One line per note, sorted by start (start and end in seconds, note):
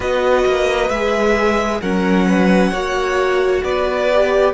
0.00 0.44 B3
0.00 0.90 F#4
0.00 1.79 B4
0.00 0.89 D#5
0.46 0.89 A#3
0.89 1.80 G#3
0.89 1.83 G#4
0.89 1.80 E5
1.81 2.72 F#3
1.81 2.73 C#4
1.81 2.26 A#4
1.81 3.63 F#5
2.27 2.71 B4
2.71 3.62 A#3
2.71 4.09 F#4
2.71 3.62 C#5
3.63 4.53 B3
3.63 4.53 B4
3.63 4.53 D5
4.13 4.53 G4